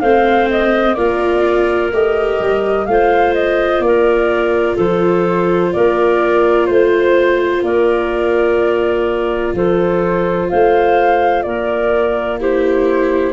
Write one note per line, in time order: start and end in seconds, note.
0.00 0.96 A3
0.00 0.97 C4
0.00 0.96 C5
0.00 0.48 F5
0.50 0.94 D#5
0.94 1.91 A#3
0.94 1.92 F4
0.94 2.86 A#4
0.94 1.89 D5
1.91 2.39 A3
1.91 2.88 G4
1.91 2.85 D#5
2.39 2.87 G3
2.85 3.79 A3
2.85 12.39 F4
2.85 3.85 C5
2.85 3.33 F5
3.33 3.81 D#5
3.79 4.74 A#3
3.79 4.76 D5
3.85 4.75 A#4
4.75 5.73 F3
4.75 5.70 A4
4.75 5.72 C5
5.72 6.68 A#3
5.72 6.68 A#4
5.72 6.66 D5
6.66 7.62 A3
6.66 7.61 C5
6.66 7.64 C5
7.62 9.52 A#3
7.62 9.55 A#4
7.62 9.54 D5
9.53 10.48 F3
9.53 10.48 A4
9.53 10.49 C5
10.48 11.45 A3
10.48 11.43 C5
10.48 11.42 F5
11.42 13.33 A#3
11.42 12.40 A#4
11.42 12.37 D5
12.39 13.33 E4
12.39 13.33 G4
12.39 13.33 C5